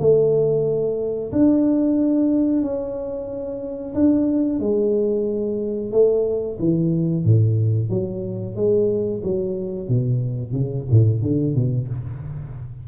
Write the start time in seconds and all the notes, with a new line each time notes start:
0.00 A3
1.32 D4
2.63 C#4
3.95 D4
4.60 G#3
5.92 A3
6.59 E3
7.24 A2
7.90 F#3
8.56 G#3
9.23 F#3
9.89 B2
10.53 C#3
10.91 A2
11.22 D3
11.55 B2